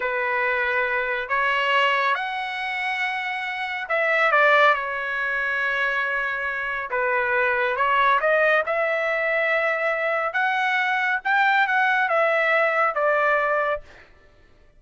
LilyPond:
\new Staff \with { instrumentName = "trumpet" } { \time 4/4 \tempo 4 = 139 b'2. cis''4~ | cis''4 fis''2.~ | fis''4 e''4 d''4 cis''4~ | cis''1 |
b'2 cis''4 dis''4 | e''1 | fis''2 g''4 fis''4 | e''2 d''2 | }